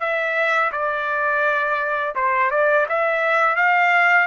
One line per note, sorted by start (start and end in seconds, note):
0.00 0.71 E5
0.72 2.15 D5
2.15 2.51 C5
2.51 2.87 D5
2.89 3.56 E5
3.56 4.27 F5